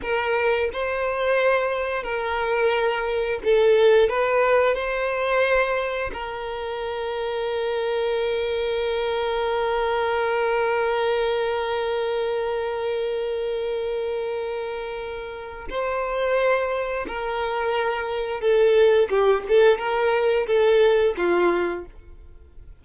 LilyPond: \new Staff \with { instrumentName = "violin" } { \time 4/4 \tempo 4 = 88 ais'4 c''2 ais'4~ | ais'4 a'4 b'4 c''4~ | c''4 ais'2.~ | ais'1~ |
ais'1~ | ais'2. c''4~ | c''4 ais'2 a'4 | g'8 a'8 ais'4 a'4 f'4 | }